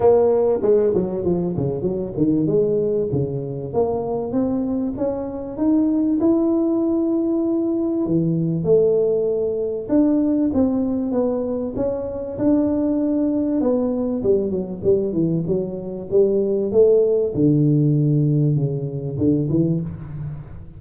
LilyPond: \new Staff \with { instrumentName = "tuba" } { \time 4/4 \tempo 4 = 97 ais4 gis8 fis8 f8 cis8 fis8 dis8 | gis4 cis4 ais4 c'4 | cis'4 dis'4 e'2~ | e'4 e4 a2 |
d'4 c'4 b4 cis'4 | d'2 b4 g8 fis8 | g8 e8 fis4 g4 a4 | d2 cis4 d8 e8 | }